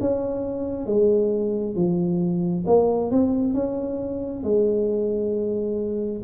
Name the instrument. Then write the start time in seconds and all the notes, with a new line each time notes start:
tuba
0.00 C#4
0.86 G#3
1.75 F3
2.66 A#3
3.11 C4
3.53 C#4
4.43 G#3